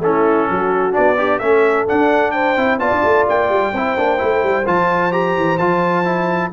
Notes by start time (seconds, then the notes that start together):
0.00 A3 C#4 E4 A4
0.49 F#3 F#4
0.91 D4 D5
0.97 B3
1.17 D4 G4
1.39 A3 C#4 A4 E5
1.87 D4 F#5
2.31 C5 G5
2.56 C4 E4
2.79 B3 F4 D5 A5
2.91 D4
3.03 A3
3.29 A#3 G5
3.49 G3
3.73 C4 E4 C5
3.97 A#3 D4
4.18 A3 E4
4.43 G3
4.66 F3 F4 A5
5.11 G4 A#5
5.36 E3
5.58 F3 F4 A5
6.04 E4